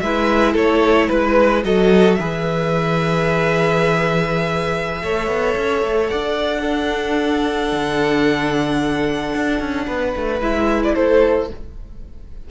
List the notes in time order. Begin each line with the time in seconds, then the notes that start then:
0.00 G#3 E4 B4 E5
0.53 A3 A4 C#5
1.08 G#3 B4
1.64 F#3 F#4 A4 D#5
2.15 E3 G#4 B4 E5
5.02 A3 A4 C#5
5.27 B3
5.57 C#4
5.83 A3
6.08 D4 D5 F#5
6.61 D4 A4
7.72 D3
9.34 D4
9.60 C#4
9.87 B3 B4
10.16 A3
10.40 G#3 E4 E5
10.84 D5
10.94 A3 A4 C5